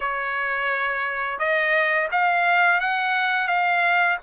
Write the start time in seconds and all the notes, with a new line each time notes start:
0.00 C#5
1.38 D#5
2.11 F5
2.80 F#5
3.47 F5